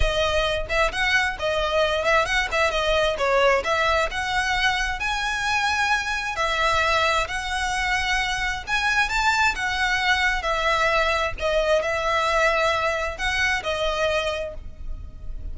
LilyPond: \new Staff \with { instrumentName = "violin" } { \time 4/4 \tempo 4 = 132 dis''4. e''8 fis''4 dis''4~ | dis''8 e''8 fis''8 e''8 dis''4 cis''4 | e''4 fis''2 gis''4~ | gis''2 e''2 |
fis''2. gis''4 | a''4 fis''2 e''4~ | e''4 dis''4 e''2~ | e''4 fis''4 dis''2 | }